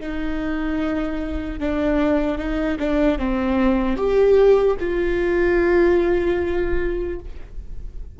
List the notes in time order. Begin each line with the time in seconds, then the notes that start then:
0.00 D#4
1.60 D4
2.38 D#4
2.79 D4
3.19 C4
3.97 G4
4.80 F4